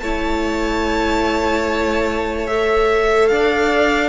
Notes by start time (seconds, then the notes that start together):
0.00 A3 E4 C#5 A5
2.47 A4 E5
3.28 D4 D5 F5